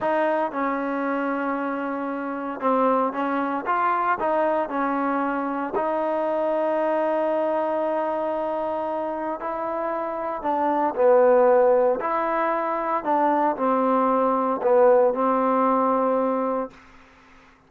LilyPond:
\new Staff \with { instrumentName = "trombone" } { \time 4/4 \tempo 4 = 115 dis'4 cis'2.~ | cis'4 c'4 cis'4 f'4 | dis'4 cis'2 dis'4~ | dis'1~ |
dis'2 e'2 | d'4 b2 e'4~ | e'4 d'4 c'2 | b4 c'2. | }